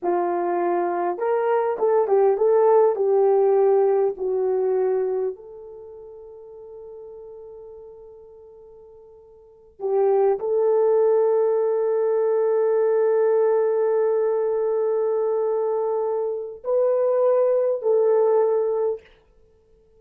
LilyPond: \new Staff \with { instrumentName = "horn" } { \time 4/4 \tempo 4 = 101 f'2 ais'4 a'8 g'8 | a'4 g'2 fis'4~ | fis'4 a'2.~ | a'1~ |
a'8 g'4 a'2~ a'8~ | a'1~ | a'1 | b'2 a'2 | }